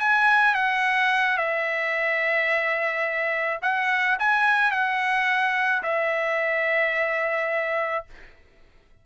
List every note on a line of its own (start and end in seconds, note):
0.00 0.54 G#5
0.54 1.38 F#5
1.38 3.60 E5
3.62 4.17 F#5
4.19 4.71 G#5
4.71 5.83 F#5
5.83 8.05 E5